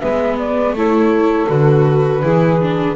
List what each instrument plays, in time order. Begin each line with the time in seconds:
0.00 double bass G#3, viola B3, saxophone B4, flute E5
0.39 flute D5
0.73 double bass A3, viola E4, saxophone A4, flute C#5
1.48 double bass D3, viola F#4, flute B4
2.23 double bass E3, viola E4, saxophone G#4
2.61 viola D4